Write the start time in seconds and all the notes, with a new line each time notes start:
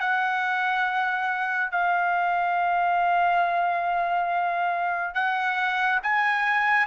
0.00 F#5
1.71 F5
5.14 F#5
6.03 G#5